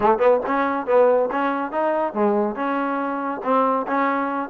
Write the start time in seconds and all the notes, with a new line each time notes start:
0.00 A3
0.18 B3
0.46 C#4
0.86 B3
1.31 C#4
1.71 D#4
2.13 G#3
2.55 C#4
3.43 C4
3.87 C#4